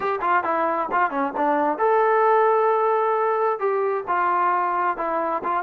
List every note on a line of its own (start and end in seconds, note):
0.00 0.19 G4
0.21 0.43 F4
0.43 0.88 E4
0.91 1.10 F4
1.10 1.33 C#4
1.37 1.78 D4
1.78 3.59 A4
3.59 4.04 G4
4.07 4.97 F4
4.97 5.42 E4
5.43 5.63 F4